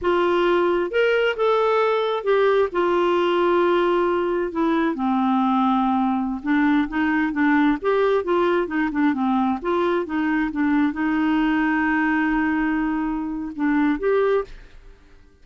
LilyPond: \new Staff \with { instrumentName = "clarinet" } { \time 4/4 \tempo 4 = 133 f'2 ais'4 a'4~ | a'4 g'4 f'2~ | f'2 e'4 c'4~ | c'2~ c'16 d'4 dis'8.~ |
dis'16 d'4 g'4 f'4 dis'8 d'16~ | d'16 c'4 f'4 dis'4 d'8.~ | d'16 dis'2.~ dis'8.~ | dis'2 d'4 g'4 | }